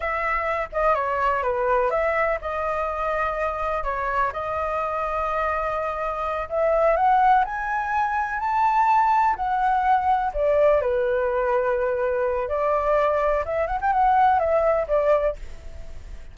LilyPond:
\new Staff \with { instrumentName = "flute" } { \time 4/4 \tempo 4 = 125 e''4. dis''8 cis''4 b'4 | e''4 dis''2. | cis''4 dis''2.~ | dis''4. e''4 fis''4 gis''8~ |
gis''4. a''2 fis''8~ | fis''4. d''4 b'4.~ | b'2 d''2 | e''8 fis''16 g''16 fis''4 e''4 d''4 | }